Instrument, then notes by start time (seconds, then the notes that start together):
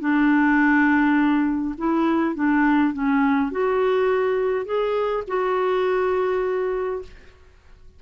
clarinet
0.00 D4
1.77 E4
2.35 D4
2.93 C#4
3.51 F#4
4.65 G#4
5.27 F#4